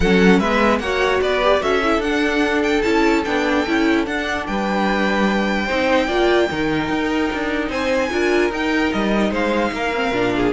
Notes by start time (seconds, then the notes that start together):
0.00 F#3 C#4 A4 F#5
0.39 G#3 B3 B4 E5
0.79 A#3 F#4 C#5 F#5
1.21 B3 B4 D5
1.42 G4
1.59 C#4 F#4 A4 E5
1.83 E4
1.98 D4 F#5
2.62 G5
2.82 C#4 E4 A5
3.24 B3 D4 G5
3.66 C#4 E4
4.05 D4 F#5
4.46 G3 B4 G5
5.65 C4 D#4 C5
6.06 A#3 F4 D5
6.51 D#3 D#4 A#4
6.89 D#4
7.33 D4
7.68 C4 C5 G#5
8.10 D4 F4 A#4
8.50 D#4 G5
8.92 G3 D#5
9.30 G#3 C5 F5
9.71 A#3 A#4
9.95 C4
10.11 A#2 D4
10.36 G#4